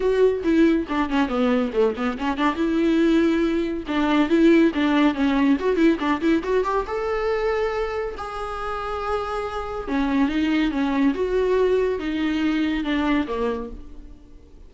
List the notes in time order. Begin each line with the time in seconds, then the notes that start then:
0.00 F#4
0.43 E4
0.88 D4
1.09 C#4
1.28 B3
1.73 A3
1.96 B3
2.18 C#4
2.37 D4
2.55 E4
3.87 D4
4.29 E4
4.74 D4
5.14 C#4
5.59 F#4
5.76 E4
5.99 D4
6.21 E4
6.43 F#4
6.64 G4
6.86 A4
8.17 G#4
9.88 C#4
10.28 D#4
10.71 C#4
11.14 F#4
11.99 D#4
12.84 D4
13.27 A#3